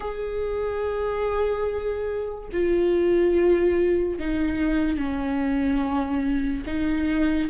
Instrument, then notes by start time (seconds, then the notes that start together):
viola
0.00 G#4
2.52 F4
4.19 D#4
4.97 C#4
6.66 D#4